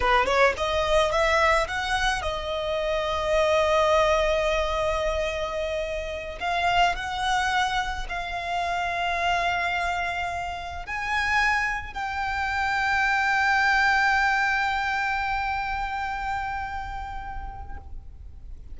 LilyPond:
\new Staff \with { instrumentName = "violin" } { \time 4/4 \tempo 4 = 108 b'8 cis''8 dis''4 e''4 fis''4 | dis''1~ | dis''2.~ dis''8 f''8~ | f''8 fis''2 f''4.~ |
f''2.~ f''8 gis''8~ | gis''4. g''2~ g''8~ | g''1~ | g''1 | }